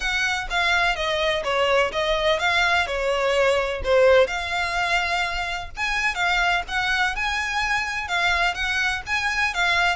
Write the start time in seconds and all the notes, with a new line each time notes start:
0.00 F#5
0.49 F5
0.95 D#5
1.44 C#5
1.92 D#5
2.39 F5
2.87 C#5
3.84 C5
4.27 F5
5.76 G#5
6.15 F5
6.68 F#5
7.15 G#5
8.08 F5
8.54 F#5
9.06 G#5
9.54 F5